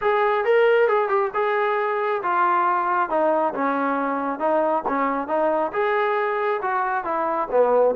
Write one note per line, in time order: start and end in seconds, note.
0.01 0.45 G#4
0.45 0.87 A#4
0.87 1.08 G#4
1.08 1.31 G4
1.34 2.22 G#4
2.23 3.09 F4
3.09 3.53 D#4
3.54 4.39 C#4
4.39 4.83 D#4
4.87 5.27 C#4
5.27 5.71 D#4
5.72 6.60 G#4
6.62 7.04 F#4
7.04 7.48 E4
7.51 7.95 B3